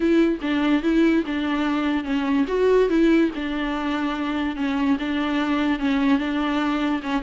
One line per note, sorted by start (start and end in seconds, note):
0.00 0.38 E4
0.41 0.82 D4
0.82 1.24 E4
1.26 2.04 D4
2.04 2.45 C#4
2.47 2.89 F#4
2.89 3.30 E4
3.35 4.56 D4
4.56 4.97 C#4
4.99 5.79 D4
5.79 6.18 C#4
6.18 7.01 D4
7.03 7.22 C#4